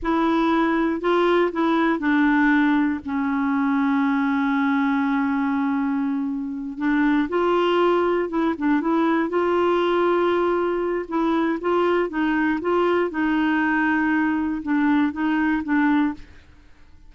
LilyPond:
\new Staff \with { instrumentName = "clarinet" } { \time 4/4 \tempo 4 = 119 e'2 f'4 e'4 | d'2 cis'2~ | cis'1~ | cis'4. d'4 f'4.~ |
f'8 e'8 d'8 e'4 f'4.~ | f'2 e'4 f'4 | dis'4 f'4 dis'2~ | dis'4 d'4 dis'4 d'4 | }